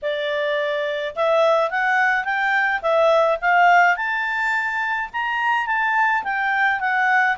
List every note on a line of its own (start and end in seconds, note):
0.02 1.15 D5
1.15 1.70 E5
1.70 2.24 F#5
2.24 2.80 G5
2.81 3.38 E5
3.41 3.96 F5
3.96 5.09 A5
5.13 5.66 A#5
5.66 6.23 A5
6.23 6.80 G5
6.80 7.36 F#5